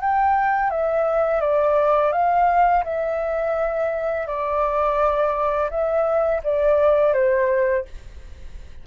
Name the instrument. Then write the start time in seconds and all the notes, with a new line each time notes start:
flute
0.00 G5
0.70 E5
1.40 D5
2.12 F5
2.84 E5
4.27 D5
5.70 E5
6.43 D5
7.13 C5